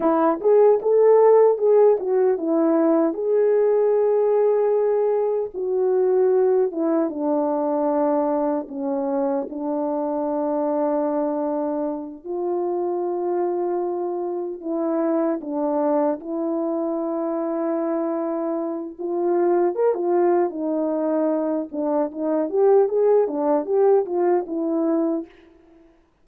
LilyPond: \new Staff \with { instrumentName = "horn" } { \time 4/4 \tempo 4 = 76 e'8 gis'8 a'4 gis'8 fis'8 e'4 | gis'2. fis'4~ | fis'8 e'8 d'2 cis'4 | d'2.~ d'8 f'8~ |
f'2~ f'8 e'4 d'8~ | d'8 e'2.~ e'8 | f'4 ais'16 f'8. dis'4. d'8 | dis'8 g'8 gis'8 d'8 g'8 f'8 e'4 | }